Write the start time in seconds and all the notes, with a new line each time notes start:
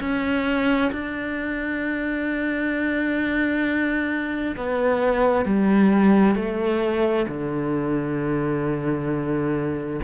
0.00 C#4
0.92 D4
4.56 B3
5.45 G3
6.35 A3
7.28 D3